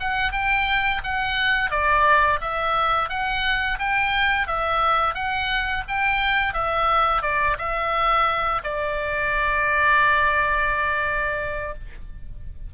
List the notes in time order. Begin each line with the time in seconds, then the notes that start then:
0.00 F#5
0.32 G5
1.03 F#5
1.71 D5
2.41 E5
3.09 F#5
3.79 G5
4.47 E5
5.14 F#5
5.88 G5
6.53 E5
7.22 D5
7.58 E5
8.63 D5